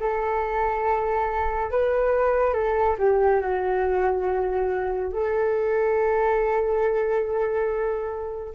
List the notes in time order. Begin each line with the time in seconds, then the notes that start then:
0.00 A4
1.71 B4
2.54 A4
2.98 G4
3.41 F#4
5.12 A4